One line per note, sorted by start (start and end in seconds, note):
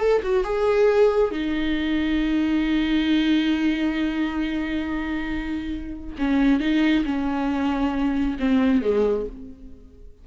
0.00 0.22 A4
0.22 0.44 F#4
0.44 1.31 G#4
1.31 6.17 D#4
6.18 6.60 C#4
6.60 7.04 D#4
7.05 8.37 C#4
8.39 8.82 C4
8.82 9.26 G#3